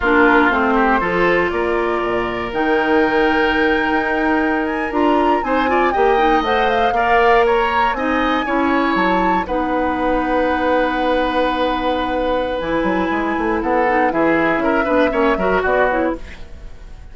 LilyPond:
<<
  \new Staff \with { instrumentName = "flute" } { \time 4/4 \tempo 4 = 119 ais'4 c''2 d''4~ | d''4 g''2.~ | g''4~ g''16 gis''8 ais''4 gis''4 g''16~ | g''8. fis''8 f''4. ais''4 gis''16~ |
gis''4.~ gis''16 a''4 fis''4~ fis''16~ | fis''1~ | fis''4 gis''2 fis''4 | e''2. d''8 cis''8 | }
  \new Staff \with { instrumentName = "oboe" } { \time 4/4 f'4. g'8 a'4 ais'4~ | ais'1~ | ais'2~ ais'8. c''8 d''8 dis''16~ | dis''4.~ dis''16 d''4 cis''4 dis''16~ |
dis''8. cis''2 b'4~ b'16~ | b'1~ | b'2. a'4 | gis'4 ais'8 b'8 cis''8 ais'8 fis'4 | }
  \new Staff \with { instrumentName = "clarinet" } { \time 4/4 d'4 c'4 f'2~ | f'4 dis'2.~ | dis'4.~ dis'16 f'4 dis'8 f'8 g'16~ | g'16 dis'8 c''4 ais'2 dis'16~ |
dis'8. e'2 dis'4~ dis'16~ | dis'1~ | dis'4 e'2~ e'8 dis'8 | e'4. d'8 cis'8 fis'4 e'8 | }
  \new Staff \with { instrumentName = "bassoon" } { \time 4/4 ais4 a4 f4 ais4 | ais,4 dis2~ dis8. dis'16~ | dis'4.~ dis'16 d'4 c'4 ais16~ | ais8. a4 ais2 c'16~ |
c'8. cis'4 fis4 b4~ b16~ | b1~ | b4 e8 fis8 gis8 a8 b4 | e4 cis'8 b8 ais8 fis8 b4 | }
>>